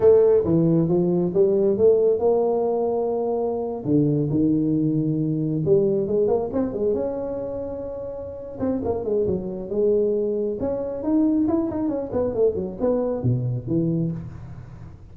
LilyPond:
\new Staff \with { instrumentName = "tuba" } { \time 4/4 \tempo 4 = 136 a4 e4 f4 g4 | a4 ais2.~ | ais8. d4 dis2~ dis16~ | dis8. g4 gis8 ais8 c'8 gis8 cis'16~ |
cis'2.~ cis'8 c'8 | ais8 gis8 fis4 gis2 | cis'4 dis'4 e'8 dis'8 cis'8 b8 | a8 fis8 b4 b,4 e4 | }